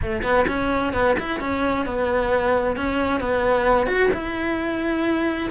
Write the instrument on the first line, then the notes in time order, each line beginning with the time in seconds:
cello
0.01 A3
0.22 B3
0.47 C#4
0.93 B3
1.19 E4
1.40 C#4
1.85 B3
2.76 C#4
3.20 B3
3.86 F#4
4.13 E4